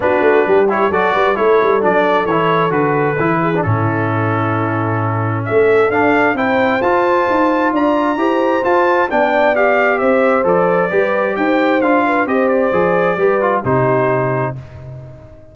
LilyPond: <<
  \new Staff \with { instrumentName = "trumpet" } { \time 4/4 \tempo 4 = 132 b'4. cis''8 d''4 cis''4 | d''4 cis''4 b'2 | a'1 | e''4 f''4 g''4 a''4~ |
a''4 ais''2 a''4 | g''4 f''4 e''4 d''4~ | d''4 g''4 f''4 dis''8 d''8~ | d''2 c''2 | }
  \new Staff \with { instrumentName = "horn" } { \time 4/4 fis'4 g'4 a'8 b'8 a'4~ | a'2.~ a'8 gis'8 | e'1 | a'2 c''2~ |
c''4 d''4 c''2 | d''2 c''2 | b'4 c''4. b'8 c''4~ | c''4 b'4 g'2 | }
  \new Staff \with { instrumentName = "trombone" } { \time 4/4 d'4. e'8 fis'4 e'4 | d'4 e'4 fis'4 e'8. d'16 | cis'1~ | cis'4 d'4 e'4 f'4~ |
f'2 g'4 f'4 | d'4 g'2 a'4 | g'2 f'4 g'4 | gis'4 g'8 f'8 dis'2 | }
  \new Staff \with { instrumentName = "tuba" } { \time 4/4 b8 a8 g4 fis8 g8 a8 g8 | fis4 e4 d4 e4 | a,1 | a4 d'4 c'4 f'4 |
dis'4 d'4 e'4 f'4 | b2 c'4 f4 | g4 dis'4 d'4 c'4 | f4 g4 c2 | }
>>